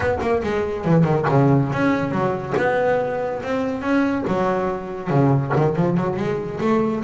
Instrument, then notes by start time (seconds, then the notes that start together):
double bass
0.00 B3
0.21 A#3
0.43 G#3
0.84 E3
1.04 D#3
1.29 C#3
1.72 C#4
2.11 F#3
2.57 B3
3.43 C4
3.81 C#4
4.27 F#3
5.09 C#3
5.55 D#3
5.75 F3
5.97 F#3
6.16 G#3
6.60 A3